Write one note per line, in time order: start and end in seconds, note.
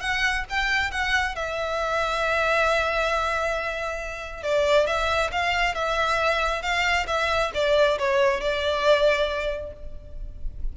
0.00 0.44 F#5
0.49 0.91 G5
0.91 1.35 F#5
1.35 4.43 E5
4.43 4.86 D5
4.86 5.30 E5
5.32 5.74 F5
5.74 6.62 E5
6.62 7.06 F5
7.07 7.51 E5
7.54 7.98 D5
7.98 8.40 C#5
8.40 9.72 D5